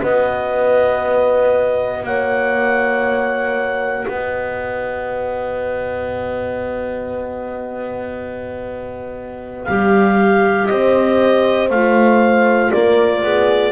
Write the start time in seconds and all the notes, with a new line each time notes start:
0.00 B3 F#4 B4 D#5
2.02 A#3 C#5 F#5
4.07 B3 B4 D#5
9.64 G3 G4 F5
10.66 C4 C5 D#5
11.70 A3 F4 F5
12.71 A#3 A#4 D5
13.23 B3 G#4